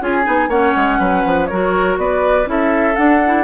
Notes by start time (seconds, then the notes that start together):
0.00 C#4 F4 G#4 G#5
0.23 B3 D#4
0.48 A#3 C#4 C#5 F#5
0.76 G#3
0.98 F#3 B4
1.25 F3
1.46 F#3 F#4 A#4 C#5
1.97 B3 B4 D5
2.45 C#4 E4 A4 E5
2.95 D4 F#5
3.26 E4